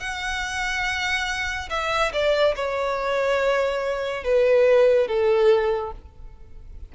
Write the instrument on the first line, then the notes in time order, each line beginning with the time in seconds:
violin
0.00 F#5
1.69 E5
2.12 D5
2.55 C#5
4.24 B4
5.07 A4